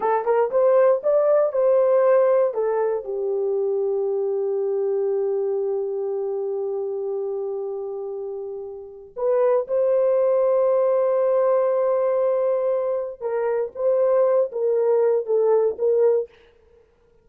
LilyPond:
\new Staff \with { instrumentName = "horn" } { \time 4/4 \tempo 4 = 118 a'8 ais'8 c''4 d''4 c''4~ | c''4 a'4 g'2~ | g'1~ | g'1~ |
g'2 b'4 c''4~ | c''1~ | c''2 ais'4 c''4~ | c''8 ais'4. a'4 ais'4 | }